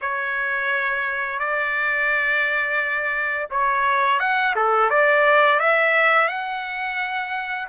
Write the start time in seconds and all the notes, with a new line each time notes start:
0.01 C#5
1.39 D5
3.50 C#5
4.19 F#5
4.55 A4
4.90 D5
5.59 E5
6.28 F#5